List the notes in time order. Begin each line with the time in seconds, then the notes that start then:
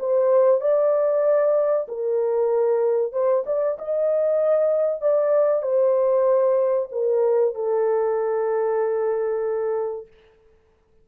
0.00 C5
0.61 D5
1.88 A#4
3.13 C5
3.46 D5
3.79 D#5
5.01 D5
5.63 C5
6.92 A#4
7.55 A4